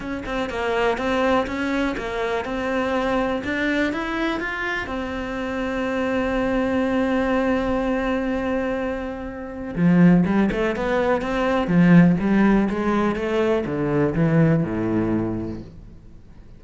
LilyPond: \new Staff \with { instrumentName = "cello" } { \time 4/4 \tempo 4 = 123 cis'8 c'8 ais4 c'4 cis'4 | ais4 c'2 d'4 | e'4 f'4 c'2~ | c'1~ |
c'1 | f4 g8 a8 b4 c'4 | f4 g4 gis4 a4 | d4 e4 a,2 | }